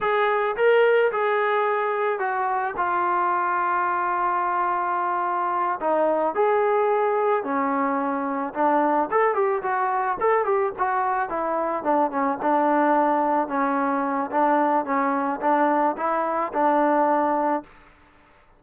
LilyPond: \new Staff \with { instrumentName = "trombone" } { \time 4/4 \tempo 4 = 109 gis'4 ais'4 gis'2 | fis'4 f'2.~ | f'2~ f'8 dis'4 gis'8~ | gis'4. cis'2 d'8~ |
d'8 a'8 g'8 fis'4 a'8 g'8 fis'8~ | fis'8 e'4 d'8 cis'8 d'4.~ | d'8 cis'4. d'4 cis'4 | d'4 e'4 d'2 | }